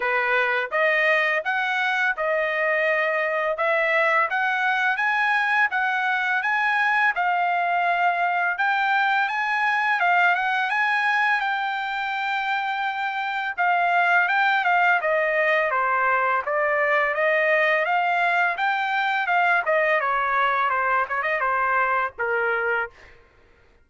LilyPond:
\new Staff \with { instrumentName = "trumpet" } { \time 4/4 \tempo 4 = 84 b'4 dis''4 fis''4 dis''4~ | dis''4 e''4 fis''4 gis''4 | fis''4 gis''4 f''2 | g''4 gis''4 f''8 fis''8 gis''4 |
g''2. f''4 | g''8 f''8 dis''4 c''4 d''4 | dis''4 f''4 g''4 f''8 dis''8 | cis''4 c''8 cis''16 dis''16 c''4 ais'4 | }